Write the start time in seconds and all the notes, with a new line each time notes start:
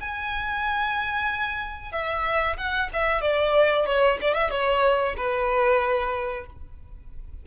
0.00 G#5
1.92 E5
2.57 F#5
2.93 E5
3.21 D5
3.86 C#5
4.21 D5
4.34 E5
4.50 C#5
5.17 B4